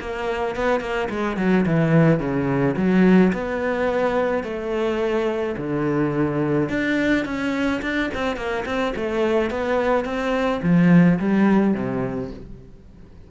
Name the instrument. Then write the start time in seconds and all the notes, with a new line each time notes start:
cello
0.00 A#3
0.56 B3
0.80 A#3
1.10 G#3
1.37 F#3
1.66 E3
2.20 C#3
2.77 F#3
3.33 B3
4.43 A3
5.57 D3
6.69 D4
7.25 C#4
7.82 D4
8.14 C4
8.36 A#3
8.66 C4
8.96 A3
9.50 B3
10.05 C4
10.63 F3
11.19 G3
11.74 C3